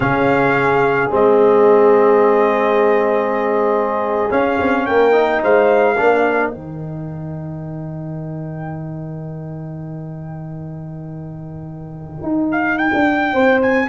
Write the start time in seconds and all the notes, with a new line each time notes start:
0.00 C#3 C#4 G#4 F5
1.10 G#3 C4 D#5
4.30 C#4 F5
4.59 C4
4.86 A#3 A#4 G5
5.12 D#4
5.42 G#3 C5 F5
5.97 A#3 D4 A#4
6.50 D#3 D#4 G5
12.22 D#4
12.51 F5
12.78 G5
12.93 D4
13.32 C4 C5
13.62 G#5